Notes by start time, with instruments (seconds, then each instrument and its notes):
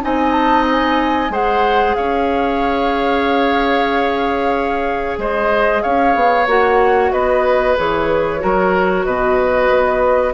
0.00 bassoon C4, clarinet D#4, oboe D#5, flute G#5
0.32 flute A5
0.71 flute G#5
1.29 bassoon G#3, clarinet G#4, oboe C5, flute F#5
1.94 bassoon C#4, oboe C#5, flute F5
5.18 bassoon G#3, oboe C5, flute D#5
5.82 bassoon C#4, oboe C#5, flute F5
6.15 bassoon B3
6.46 bassoon A#3, clarinet F#4, flute F#5
7.11 bassoon B3, oboe B4, flute D#5
7.76 bassoon E3, clarinet G#4, flute C#5
8.39 bassoon F#3, clarinet F#4, oboe A#4
9.04 bassoon B2, oboe B4, flute D#5
9.69 bassoon B3